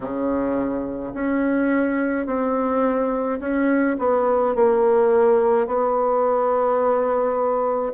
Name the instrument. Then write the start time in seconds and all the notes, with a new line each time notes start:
bassoon
0.00 C#3
1.14 C#4
2.26 C4
3.40 C#4
3.98 B3
4.55 A#3
5.67 B3